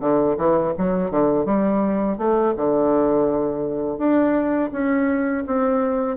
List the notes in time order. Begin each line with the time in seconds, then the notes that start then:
0.00 D3
0.37 E3
0.78 F#3
1.10 D3
1.45 G3
2.18 A3
2.57 D3
3.98 D4
4.72 C#4
5.46 C4